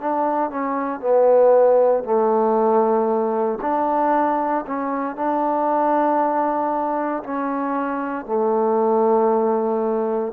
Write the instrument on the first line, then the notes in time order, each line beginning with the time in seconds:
trombone
0.00 D4
0.50 C#4
1.00 B3
2.04 A3
3.61 D4
4.66 C#4
5.15 D4
7.23 C#4
8.25 A3